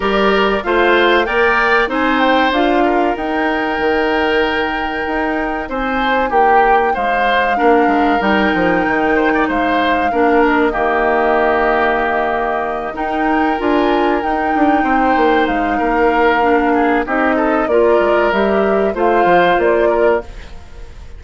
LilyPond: <<
  \new Staff \with { instrumentName = "flute" } { \time 4/4 \tempo 4 = 95 d''4 f''4 g''4 gis''8 g''8 | f''4 g''2.~ | g''4 gis''4 g''4 f''4~ | f''4 g''2 f''4~ |
f''8 dis''2.~ dis''8~ | dis''8 g''4 gis''4 g''4.~ | g''8 f''2~ f''8 dis''4 | d''4 e''4 f''4 d''4 | }
  \new Staff \with { instrumentName = "oboe" } { \time 4/4 ais'4 c''4 d''4 c''4~ | c''8 ais'2.~ ais'8~ | ais'4 c''4 g'4 c''4 | ais'2~ ais'8 c''16 d''16 c''4 |
ais'4 g'2.~ | g'8 ais'2. c''8~ | c''4 ais'4. gis'8 g'8 a'8 | ais'2 c''4. ais'8 | }
  \new Staff \with { instrumentName = "clarinet" } { \time 4/4 g'4 f'4 ais'4 dis'4 | f'4 dis'2.~ | dis'1 | d'4 dis'2. |
d'4 ais2.~ | ais8 dis'4 f'4 dis'4.~ | dis'2 d'4 dis'4 | f'4 g'4 f'2 | }
  \new Staff \with { instrumentName = "bassoon" } { \time 4/4 g4 a4 ais4 c'4 | d'4 dis'4 dis2 | dis'4 c'4 ais4 gis4 | ais8 gis8 g8 f8 dis4 gis4 |
ais4 dis2.~ | dis8 dis'4 d'4 dis'8 d'8 c'8 | ais8 gis8 ais2 c'4 | ais8 gis8 g4 a8 f8 ais4 | }
>>